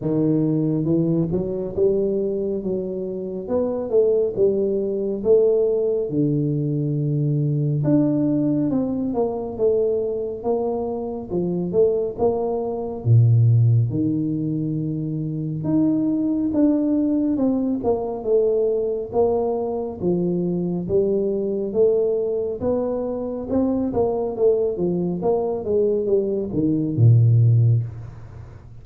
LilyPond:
\new Staff \with { instrumentName = "tuba" } { \time 4/4 \tempo 4 = 69 dis4 e8 fis8 g4 fis4 | b8 a8 g4 a4 d4~ | d4 d'4 c'8 ais8 a4 | ais4 f8 a8 ais4 ais,4 |
dis2 dis'4 d'4 | c'8 ais8 a4 ais4 f4 | g4 a4 b4 c'8 ais8 | a8 f8 ais8 gis8 g8 dis8 ais,4 | }